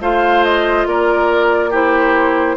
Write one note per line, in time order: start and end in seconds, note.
0.00 0.86 A3
0.00 1.72 F4
0.00 0.87 C5
0.00 0.43 F5
0.43 0.86 D#5
0.86 2.56 A#3
0.86 1.69 A#4
0.86 1.73 D5
1.69 2.56 E4
1.69 2.55 G4
1.69 2.56 C5